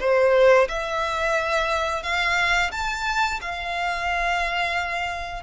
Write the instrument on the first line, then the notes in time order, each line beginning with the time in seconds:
violin
0.00 C5
0.68 E5
2.03 F5
2.72 A5
3.41 F5